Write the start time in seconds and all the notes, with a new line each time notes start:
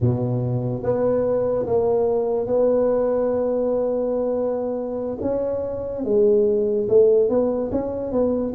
0.00 B2
0.82 B3
1.66 A#3
2.46 B3
5.21 C#4
6.04 G#3
6.89 A3
7.29 B3
7.71 C#4
8.12 B3